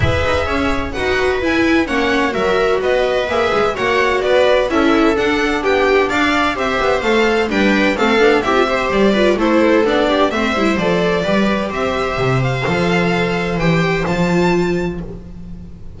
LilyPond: <<
  \new Staff \with { instrumentName = "violin" } { \time 4/4 \tempo 4 = 128 e''2 fis''4 gis''4 | fis''4 e''4 dis''4 e''4 | fis''4 d''4 e''4 fis''4 | g''4 f''4 e''4 f''4 |
g''4 f''4 e''4 d''4 | c''4 d''4 e''4 d''4~ | d''4 e''4. f''4.~ | f''4 g''4 a''2 | }
  \new Staff \with { instrumentName = "viola" } { \time 4/4 b'4 cis''4 b'2 | cis''4 ais'4 b'2 | cis''4 b'4 a'2 | g'4 d''4 c''2 |
b'4 a'4 g'8 c''4 b'8 | a'4. g'8 c''2 | b'4 c''2.~ | c''1 | }
  \new Staff \with { instrumentName = "viola" } { \time 4/4 gis'2 fis'4 e'4 | cis'4 fis'2 gis'4 | fis'2 e'4 d'4~ | d'2 g'4 a'4 |
d'4 c'8 d'8 e'16 f'16 g'4 f'8 | e'4 d'4 c'8 e'8 a'4 | g'2. a'4~ | a'4 g'4 f'2 | }
  \new Staff \with { instrumentName = "double bass" } { \time 4/4 e'8 dis'8 cis'4 dis'4 e'4 | ais4 fis4 b4 ais8 gis8 | ais4 b4 cis'4 d'4 | b4 d'4 c'8 b8 a4 |
g4 a8 b8 c'4 g4 | a4 b4 a8 g8 f4 | g4 c'4 c4 f4~ | f4 e4 f2 | }
>>